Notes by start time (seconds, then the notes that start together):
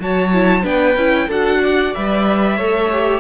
0.00 F#3 F#4 C#5 A5
0.33 E4
0.63 B3 D4 B4 G5
0.96 C#4 E4
1.28 D4 F#4 A4 F#5
1.63 D5
1.95 G3 B4 E5
2.57 A3 A4 C#5
2.93 G4